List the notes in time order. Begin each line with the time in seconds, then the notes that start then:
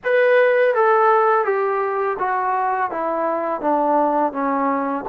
0.04 B4
0.74 A4
1.45 G4
2.19 F#4
2.90 E4
3.60 D4
4.32 C#4